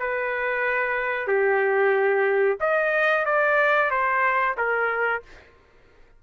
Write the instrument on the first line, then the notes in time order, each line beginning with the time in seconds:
trumpet
0.00 B4
1.28 G4
2.61 D#5
3.26 D5
3.91 C5
4.58 A#4